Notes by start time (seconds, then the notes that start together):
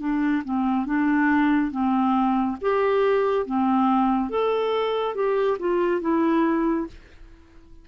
0.00 D4
0.44 C4
0.86 D4
1.71 C4
2.61 G4
3.46 C4
4.30 A4
5.15 G4
5.59 F4
6.01 E4